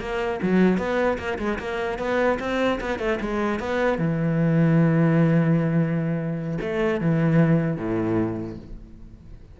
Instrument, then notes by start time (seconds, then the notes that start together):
cello
0.00 A#3
0.42 F#3
0.78 B3
1.18 A#3
1.39 G#3
1.59 A#3
1.99 B3
2.39 C4
2.81 B3
2.99 A3
3.21 G#3
3.59 B3
3.98 E3
6.61 A3
7.01 E3
7.77 A2